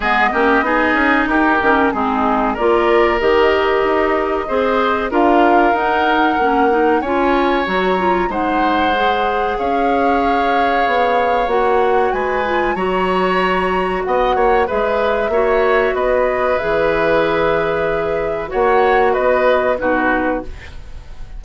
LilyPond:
<<
  \new Staff \with { instrumentName = "flute" } { \time 4/4 \tempo 4 = 94 dis''2 ais'4 gis'4 | d''4 dis''2. | f''4 fis''2 gis''4 | ais''4 fis''2 f''4~ |
f''2 fis''4 gis''4 | ais''2 fis''4 e''4~ | e''4 dis''4 e''2~ | e''4 fis''4 dis''4 b'4 | }
  \new Staff \with { instrumentName = "oboe" } { \time 4/4 gis'8 g'8 gis'4 g'4 dis'4 | ais'2. c''4 | ais'2. cis''4~ | cis''4 c''2 cis''4~ |
cis''2. b'4 | cis''2 dis''8 cis''8 b'4 | cis''4 b'2.~ | b'4 cis''4 b'4 fis'4 | }
  \new Staff \with { instrumentName = "clarinet" } { \time 4/4 b8 cis'8 dis'4. cis'8 c'4 | f'4 g'2 gis'4 | f'4 dis'4 cis'8 dis'8 f'4 | fis'8 f'8 dis'4 gis'2~ |
gis'2 fis'4. f'8 | fis'2. gis'4 | fis'2 gis'2~ | gis'4 fis'2 dis'4 | }
  \new Staff \with { instrumentName = "bassoon" } { \time 4/4 gis8 ais8 b8 cis'8 dis'8 dis8 gis4 | ais4 dis4 dis'4 c'4 | d'4 dis'4 ais4 cis'4 | fis4 gis2 cis'4~ |
cis'4 b4 ais4 gis4 | fis2 b8 ais8 gis4 | ais4 b4 e2~ | e4 ais4 b4 b,4 | }
>>